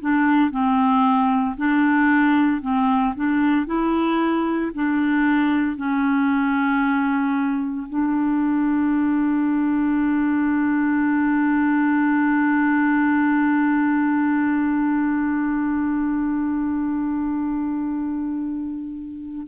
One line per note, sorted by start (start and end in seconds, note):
0.00 0.50 D4
0.50 1.56 C4
1.56 2.61 D4
2.61 3.14 C4
3.15 3.66 D4
3.66 4.71 E4
4.74 5.76 D4
5.76 7.87 C#4
7.89 19.47 D4